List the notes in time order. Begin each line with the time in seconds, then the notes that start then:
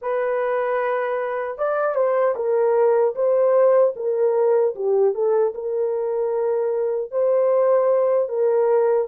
0.01 B4
1.58 D5
1.95 C5
2.35 A#4
3.15 C5
3.95 A#4
4.75 G4
5.14 A4
5.54 A#4
7.11 C5
8.29 A#4